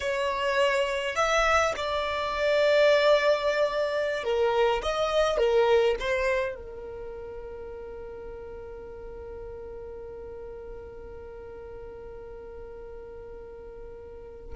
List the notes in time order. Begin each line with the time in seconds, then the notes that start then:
0.00 C#5
1.15 E5
1.76 D5
4.23 A#4
4.82 D#5
5.37 A#4
5.99 C5
6.55 A#4